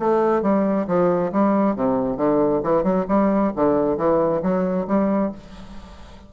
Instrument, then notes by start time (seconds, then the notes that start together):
bassoon
0.00 A3
0.43 G3
0.88 F3
1.33 G3
1.77 C3
2.18 D3
2.64 E3
2.84 F#3
3.09 G3
3.56 D3
3.98 E3
4.43 F#3
4.88 G3